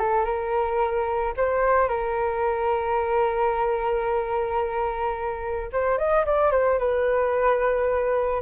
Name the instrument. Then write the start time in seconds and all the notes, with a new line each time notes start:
flute
0.00 A4
0.25 A#4
1.37 C5
1.89 A#4
5.73 C5
5.99 D#5
6.26 D5
6.52 C5
6.79 B4